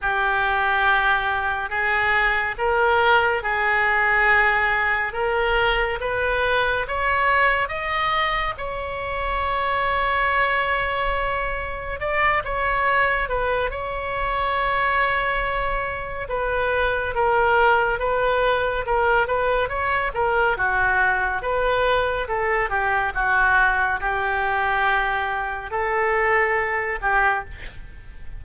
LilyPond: \new Staff \with { instrumentName = "oboe" } { \time 4/4 \tempo 4 = 70 g'2 gis'4 ais'4 | gis'2 ais'4 b'4 | cis''4 dis''4 cis''2~ | cis''2 d''8 cis''4 b'8 |
cis''2. b'4 | ais'4 b'4 ais'8 b'8 cis''8 ais'8 | fis'4 b'4 a'8 g'8 fis'4 | g'2 a'4. g'8 | }